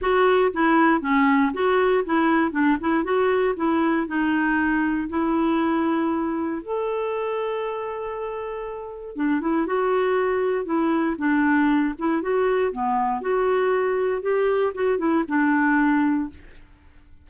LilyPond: \new Staff \with { instrumentName = "clarinet" } { \time 4/4 \tempo 4 = 118 fis'4 e'4 cis'4 fis'4 | e'4 d'8 e'8 fis'4 e'4 | dis'2 e'2~ | e'4 a'2.~ |
a'2 d'8 e'8 fis'4~ | fis'4 e'4 d'4. e'8 | fis'4 b4 fis'2 | g'4 fis'8 e'8 d'2 | }